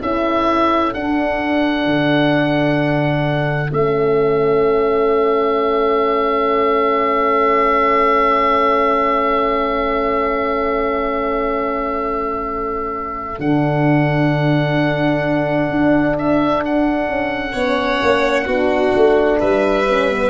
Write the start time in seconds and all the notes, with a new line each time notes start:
0.00 C#4 E4 A4 E5
0.94 D4 F#5
1.87 D3
3.71 A3 C#4 E5
13.39 D3 D4 F#5
15.70 D4
16.18 E5
16.65 F#5
17.08 C#4
17.53 B3 C#4 C#5
18.02 A#3
18.46 B3 D4 F#4
18.95 A3
19.40 G3 B4 E5
19.90 C#4
20.11 B3